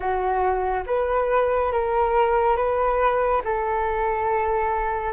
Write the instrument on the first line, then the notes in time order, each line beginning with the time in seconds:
flute
0.00 F#4
0.86 B4
1.71 A#4
2.56 B4
3.44 A4